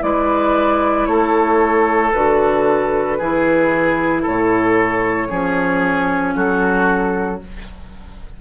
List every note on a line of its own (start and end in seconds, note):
0.00 1.06 G#3
0.00 2.11 E4
0.00 1.09 B4
0.00 1.05 D5
1.05 2.11 A3
1.05 3.18 A4
1.05 2.11 C#5
2.12 3.19 D3
2.12 3.19 F#4
2.12 4.22 B4
3.18 4.24 E3
3.18 5.28 E4
3.18 4.22 G#4
4.22 5.30 A2
4.22 5.27 A4
4.22 6.35 C#5
5.28 6.35 F3
5.28 7.39 C#4
5.28 6.34 G#4
6.35 7.40 F#3
6.35 7.40 F#4
6.35 7.40 A4